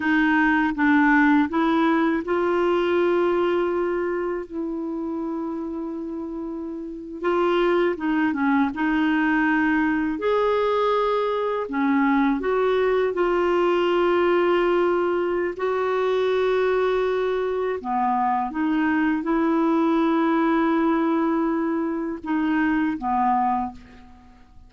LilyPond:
\new Staff \with { instrumentName = "clarinet" } { \time 4/4 \tempo 4 = 81 dis'4 d'4 e'4 f'4~ | f'2 e'2~ | e'4.~ e'16 f'4 dis'8 cis'8 dis'16~ | dis'4.~ dis'16 gis'2 cis'16~ |
cis'8. fis'4 f'2~ f'16~ | f'4 fis'2. | b4 dis'4 e'2~ | e'2 dis'4 b4 | }